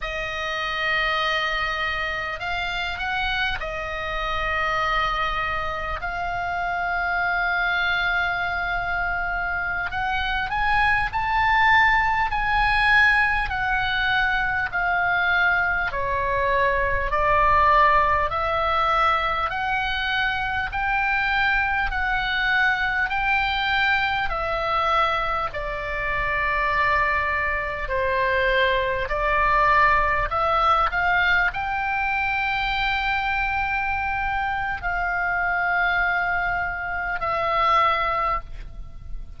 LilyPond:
\new Staff \with { instrumentName = "oboe" } { \time 4/4 \tempo 4 = 50 dis''2 f''8 fis''8 dis''4~ | dis''4 f''2.~ | f''16 fis''8 gis''8 a''4 gis''4 fis''8.~ | fis''16 f''4 cis''4 d''4 e''8.~ |
e''16 fis''4 g''4 fis''4 g''8.~ | g''16 e''4 d''2 c''8.~ | c''16 d''4 e''8 f''8 g''4.~ g''16~ | g''4 f''2 e''4 | }